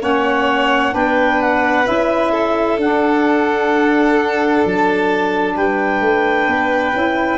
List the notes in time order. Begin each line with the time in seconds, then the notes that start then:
0.00 A#3 C#4 C#5 F#5
0.92 B3 D4 B4 G5
1.42 F#5
1.85 C#4 E4 E5
2.32 A4
2.77 D4 F#5
4.66 F#3 A5
5.56 G3 B4 G5
6.01 A3
6.48 B3
6.94 C#4 E4